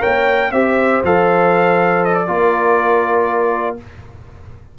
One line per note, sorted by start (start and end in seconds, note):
0.00 0.52 A#3
0.00 0.50 A#4
0.00 0.51 C#5
0.00 0.52 G5
0.52 1.02 C4
0.52 1.04 G4
0.52 2.28 C5
0.52 1.02 E5
1.04 2.29 F3
1.04 2.27 A4
1.04 2.05 F5
2.05 2.15 D#5
2.15 3.77 D5
2.27 3.79 A#3
2.27 3.77 F4
2.27 3.78 A#4